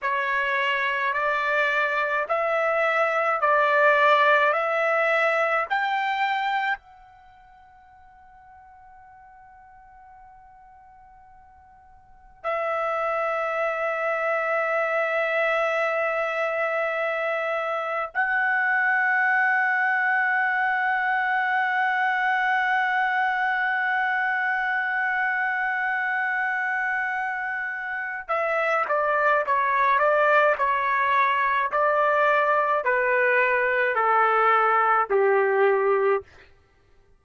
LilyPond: \new Staff \with { instrumentName = "trumpet" } { \time 4/4 \tempo 4 = 53 cis''4 d''4 e''4 d''4 | e''4 g''4 fis''2~ | fis''2. e''4~ | e''1 |
fis''1~ | fis''1~ | fis''4 e''8 d''8 cis''8 d''8 cis''4 | d''4 b'4 a'4 g'4 | }